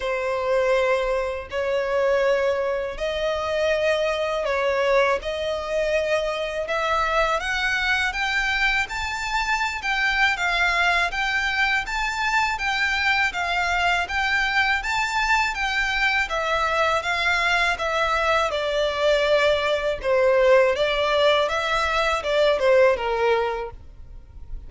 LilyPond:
\new Staff \with { instrumentName = "violin" } { \time 4/4 \tempo 4 = 81 c''2 cis''2 | dis''2 cis''4 dis''4~ | dis''4 e''4 fis''4 g''4 | a''4~ a''16 g''8. f''4 g''4 |
a''4 g''4 f''4 g''4 | a''4 g''4 e''4 f''4 | e''4 d''2 c''4 | d''4 e''4 d''8 c''8 ais'4 | }